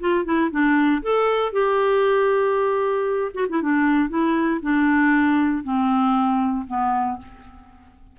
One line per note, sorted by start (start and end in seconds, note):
0.00 0.25 F4
0.25 0.51 E4
0.51 1.02 D4
1.02 1.52 A4
1.52 3.32 G4
3.34 3.47 F#4
3.49 3.62 E4
3.62 4.09 D4
4.09 4.61 E4
4.62 5.64 D4
5.64 6.66 C4
6.67 7.18 B3